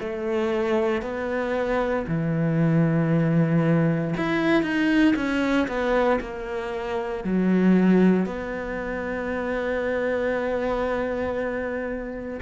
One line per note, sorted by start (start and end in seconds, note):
0.00 1.02 A3
1.02 2.05 B3
2.08 4.15 E3
4.17 4.63 E4
4.63 5.14 D#4
5.16 5.68 C#4
5.68 6.20 B3
6.21 7.24 A#3
7.25 8.26 F#3
8.26 12.40 B3